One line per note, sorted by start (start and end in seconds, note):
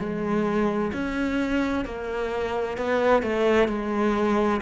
0.00 0.92 G#3
0.93 1.85 C#4
1.85 2.78 A#3
2.78 3.23 B3
3.23 3.69 A3
3.69 4.61 G#3